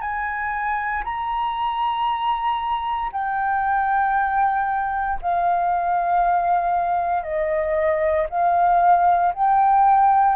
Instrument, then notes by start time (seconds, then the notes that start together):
flute
0.00 G#5
1.04 A#5
3.12 G5
5.21 F5
7.23 D#5
8.29 F5
9.33 G5